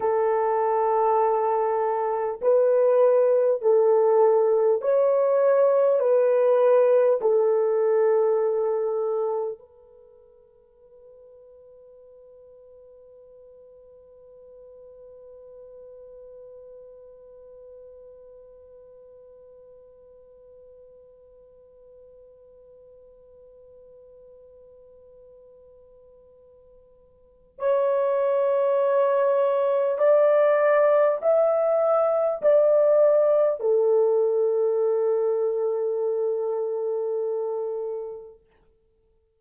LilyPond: \new Staff \with { instrumentName = "horn" } { \time 4/4 \tempo 4 = 50 a'2 b'4 a'4 | cis''4 b'4 a'2 | b'1~ | b'1~ |
b'1~ | b'2. cis''4~ | cis''4 d''4 e''4 d''4 | a'1 | }